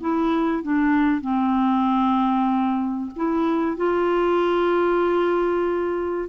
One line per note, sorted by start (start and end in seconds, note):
0.00 0.63 E4
0.63 1.21 D4
1.21 3.10 C4
3.16 3.76 E4
3.76 6.29 F4